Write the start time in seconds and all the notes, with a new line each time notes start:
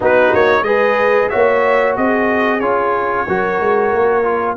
0.00 B3 D#4 F#4 B4
0.33 A#3 C#5
0.61 G#3 G#4 B4 D#5
1.29 A#3 F#4 C#5 E5
1.96 C4 G#4 D#5
2.60 C#4 F4 C#5
3.27 F#3 F#4 A#4
3.60 G#3
3.92 A#3
4.23 F4